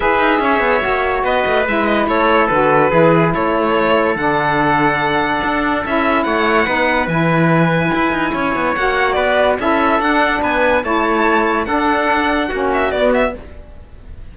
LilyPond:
<<
  \new Staff \with { instrumentName = "violin" } { \time 4/4 \tempo 4 = 144 e''2. dis''4 | e''8 dis''8 cis''4 b'2 | cis''2 fis''2~ | fis''2 e''4 fis''4~ |
fis''4 gis''2.~ | gis''4 fis''4 d''4 e''4 | fis''4 gis''4 a''2 | fis''2~ fis''8 e''8 d''8 e''8 | }
  \new Staff \with { instrumentName = "trumpet" } { \time 4/4 b'4 cis''2 b'4~ | b'4 a'2 gis'4 | a'1~ | a'2. cis''4 |
b'1 | cis''2 b'4 a'4~ | a'4 b'4 cis''2 | a'2 fis'2 | }
  \new Staff \with { instrumentName = "saxophone" } { \time 4/4 gis'2 fis'2 | e'2 fis'4 e'4~ | e'2 d'2~ | d'2 e'2 |
dis'4 e'2.~ | e'4 fis'2 e'4 | d'2 e'2 | d'2 cis'4 b4 | }
  \new Staff \with { instrumentName = "cello" } { \time 4/4 e'8 dis'8 cis'8 b8 ais4 b8 a8 | gis4 a4 d4 e4 | a2 d2~ | d4 d'4 cis'4 a4 |
b4 e2 e'8 dis'8 | cis'8 b8 ais4 b4 cis'4 | d'4 b4 a2 | d'2 ais4 b4 | }
>>